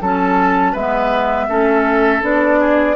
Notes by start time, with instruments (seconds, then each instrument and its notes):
0.00 bassoon F#3, clarinet C#4, oboe A4, flute A5
0.72 bassoon G#3, clarinet B3, oboe B4, flute E5
1.48 bassoon A3, clarinet C#4, oboe A4
2.21 bassoon B3, clarinet D4, flute D5
2.60 oboe G#4